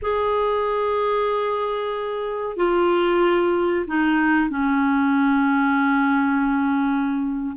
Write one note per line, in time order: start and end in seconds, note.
0.01 2.56 G#4
2.56 3.85 F4
3.87 4.49 D#4
4.49 7.55 C#4